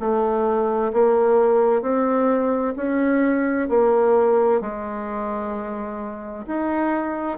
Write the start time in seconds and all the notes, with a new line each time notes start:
0.00 A3
0.94 A#3
1.82 C4
2.77 C#4
3.69 A#3
4.62 G#3
6.47 D#4